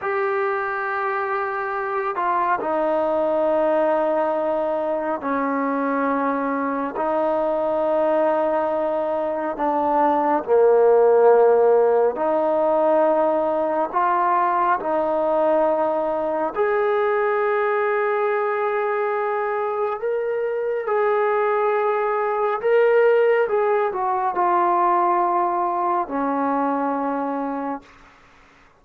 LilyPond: \new Staff \with { instrumentName = "trombone" } { \time 4/4 \tempo 4 = 69 g'2~ g'8 f'8 dis'4~ | dis'2 cis'2 | dis'2. d'4 | ais2 dis'2 |
f'4 dis'2 gis'4~ | gis'2. ais'4 | gis'2 ais'4 gis'8 fis'8 | f'2 cis'2 | }